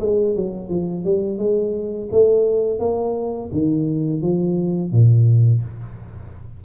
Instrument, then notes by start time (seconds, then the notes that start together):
tuba
0.00 G#3
0.36 F#3
0.69 F3
1.04 G3
1.38 G#3
2.11 A3
2.79 A#3
3.52 D#3
4.21 F3
4.92 A#2